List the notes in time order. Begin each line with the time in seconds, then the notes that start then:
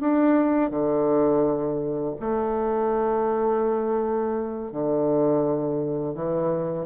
0.00 D4
0.70 D3
2.20 A3
4.72 D3
6.14 E3